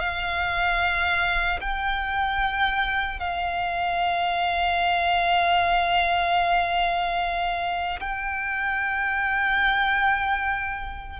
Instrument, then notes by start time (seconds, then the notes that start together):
violin
0.00 F5
1.61 G5
3.20 F5
8.00 G5